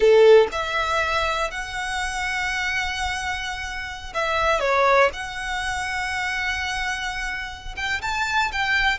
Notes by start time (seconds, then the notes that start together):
0.00 A4
0.52 E5
1.50 F#5
4.14 E5
4.60 C#5
5.13 F#5
7.76 G5
8.01 A5
8.51 G5